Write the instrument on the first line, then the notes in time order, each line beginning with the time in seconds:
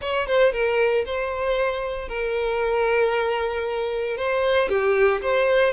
violin
0.01 C#5
0.27 C5
0.52 A#4
1.05 C5
2.08 A#4
4.17 C5
4.69 G4
5.21 C5